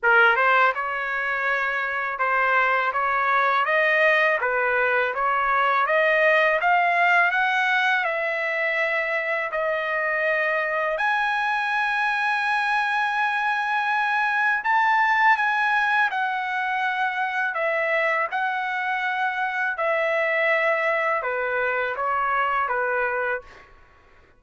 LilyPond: \new Staff \with { instrumentName = "trumpet" } { \time 4/4 \tempo 4 = 82 ais'8 c''8 cis''2 c''4 | cis''4 dis''4 b'4 cis''4 | dis''4 f''4 fis''4 e''4~ | e''4 dis''2 gis''4~ |
gis''1 | a''4 gis''4 fis''2 | e''4 fis''2 e''4~ | e''4 b'4 cis''4 b'4 | }